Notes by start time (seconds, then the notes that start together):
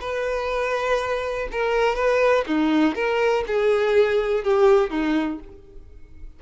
0.00 B4
1.51 A#4
1.95 B4
2.46 D#4
2.94 A#4
3.46 G#4
4.43 G4
4.90 D#4